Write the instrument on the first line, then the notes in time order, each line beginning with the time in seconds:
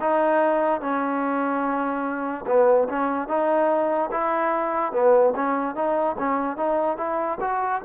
trombone
0.00 D#4
0.81 C#4
2.47 B3
2.88 C#4
3.28 D#4
4.11 E4
4.92 B3
5.36 C#4
5.75 D#4
6.18 C#4
6.57 D#4
6.97 E4
7.40 F#4